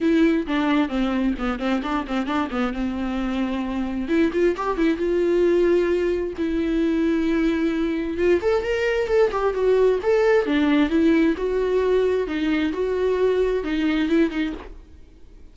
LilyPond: \new Staff \with { instrumentName = "viola" } { \time 4/4 \tempo 4 = 132 e'4 d'4 c'4 b8 c'8 | d'8 c'8 d'8 b8 c'2~ | c'4 e'8 f'8 g'8 e'8 f'4~ | f'2 e'2~ |
e'2 f'8 a'8 ais'4 | a'8 g'8 fis'4 a'4 d'4 | e'4 fis'2 dis'4 | fis'2 dis'4 e'8 dis'8 | }